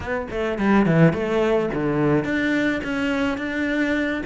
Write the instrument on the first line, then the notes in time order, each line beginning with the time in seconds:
cello
0.00 B3
0.30 A3
0.58 G3
0.85 E3
1.13 A3
1.73 D3
2.24 D4
2.83 C#4
3.37 D4